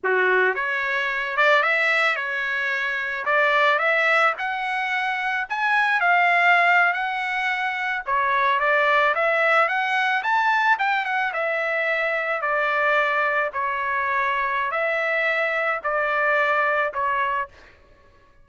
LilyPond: \new Staff \with { instrumentName = "trumpet" } { \time 4/4 \tempo 4 = 110 fis'4 cis''4. d''8 e''4 | cis''2 d''4 e''4 | fis''2 gis''4 f''4~ | f''8. fis''2 cis''4 d''16~ |
d''8. e''4 fis''4 a''4 g''16~ | g''16 fis''8 e''2 d''4~ d''16~ | d''8. cis''2~ cis''16 e''4~ | e''4 d''2 cis''4 | }